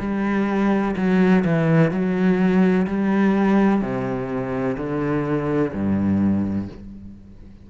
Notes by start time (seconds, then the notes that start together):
0.00 G3
0.97 F#3
1.45 E3
1.91 F#3
2.87 G3
3.82 C3
4.78 D3
5.74 G2